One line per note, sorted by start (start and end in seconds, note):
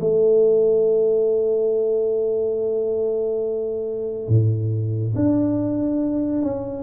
0.00 4.28 A3
4.28 5.14 A2
5.15 6.42 D4
6.42 6.83 C#4